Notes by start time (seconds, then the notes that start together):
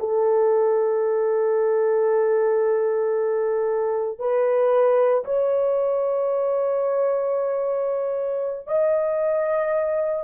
0.00 A4
4.19 B4
5.25 C#5
8.67 D#5